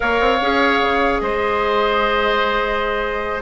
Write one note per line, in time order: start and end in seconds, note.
0.00 0.20 A#3
0.00 0.38 A#4
0.00 1.21 C#5
0.00 1.19 F5
0.20 0.40 C4
0.41 0.81 C#4
0.41 3.42 G#4
0.82 1.21 C#3
1.19 3.42 G#3
1.19 3.42 C5
1.19 3.41 D#5